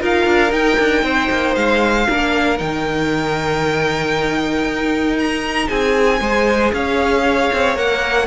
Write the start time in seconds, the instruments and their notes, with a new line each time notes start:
0.00 cello D#4, viola F4, violin A#4 F5
0.26 cello D4
0.49 viola D#4, cello D#4, violin G5
0.79 cello D4
1.03 cello C4, violin C5
1.31 cello A#3
1.55 cello G#3, violin F5
2.09 cello A#3, viola D4, violin A#4
2.58 cello D#3, viola D#4, violin G5
4.64 cello D#4
5.18 violin A#5
5.68 cello C4, violin G#4 G#5
6.20 cello G#3, viola G#4, violin C5
6.73 cello C#4, violin C#5 F5
7.53 cello C4
7.75 cello A#3, viola A#4, violin F#5